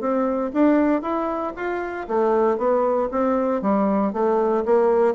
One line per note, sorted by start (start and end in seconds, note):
0.00 0.51 C4
0.53 1.02 D4
1.02 1.53 E4
1.56 2.07 F4
2.08 2.58 A3
2.58 3.09 B3
3.11 3.62 C4
3.62 4.13 G3
4.13 4.64 A3
4.65 5.14 A#3